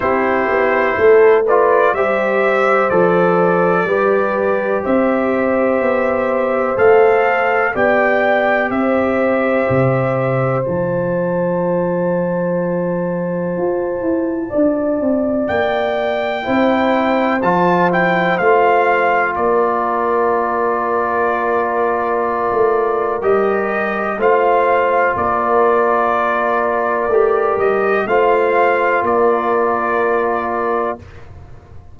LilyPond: <<
  \new Staff \with { instrumentName = "trumpet" } { \time 4/4 \tempo 4 = 62 c''4. d''8 e''4 d''4~ | d''4 e''2 f''4 | g''4 e''2 a''4~ | a''1 |
g''2 a''8 g''8 f''4 | d''1 | dis''4 f''4 d''2~ | d''8 dis''8 f''4 d''2 | }
  \new Staff \with { instrumentName = "horn" } { \time 4/4 g'4 a'8 b'8 c''2 | b'4 c''2. | d''4 c''2.~ | c''2. d''4~ |
d''4 c''2. | ais'1~ | ais'4 c''4 ais'2~ | ais'4 c''4 ais'2 | }
  \new Staff \with { instrumentName = "trombone" } { \time 4/4 e'4. f'8 g'4 a'4 | g'2. a'4 | g'2. f'4~ | f'1~ |
f'4 e'4 f'8 e'8 f'4~ | f'1 | g'4 f'2. | g'4 f'2. | }
  \new Staff \with { instrumentName = "tuba" } { \time 4/4 c'8 b8 a4 g4 f4 | g4 c'4 b4 a4 | b4 c'4 c4 f4~ | f2 f'8 e'8 d'8 c'8 |
ais4 c'4 f4 a4 | ais2.~ ais16 a8. | g4 a4 ais2 | a8 g8 a4 ais2 | }
>>